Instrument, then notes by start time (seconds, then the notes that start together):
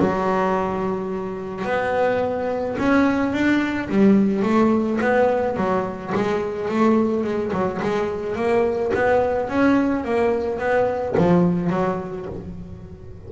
double bass
0.00 F#3
1.65 B3
2.79 C#4
3.33 D4
3.90 G3
4.43 A3
5.01 B3
5.57 F#3
6.16 G#3
6.69 A3
7.24 G#3
7.53 F#3
7.82 G#3
8.36 A#3
8.95 B3
9.49 C#4
10.05 A#3
10.59 B3
11.18 F3
11.70 F#3